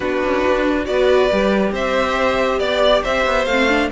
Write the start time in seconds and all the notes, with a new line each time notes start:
0.00 B3 D4 F#4 B4
0.22 C#4
0.46 D4
0.85 B3 F#4 B4 D5
1.31 G3 G4
1.71 C4 C5 E5
2.59 B3 D5
3.03 C4 C5 E5
3.26 B3
3.45 A3 C4 F5
3.69 D4